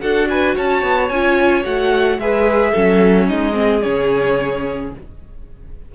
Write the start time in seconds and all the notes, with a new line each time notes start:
0.00 D4 F#4 A4 F#5
0.29 B4 G#5
0.55 C#4 C#5 A5
0.82 B3
1.08 C#4 F4 G#5
1.64 A3 F#4 F#5
2.18 G#3 G#4 B4 E5
2.71 F#3 C#4 A4
3.27 G#3 D#4 D#5
3.52 C4 G#4
3.82 C#3 C#4 C#5